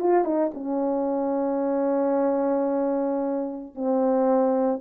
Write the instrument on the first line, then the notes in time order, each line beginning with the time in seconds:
horn
0.00 F4
0.25 D#4
0.55 C#4
3.75 C4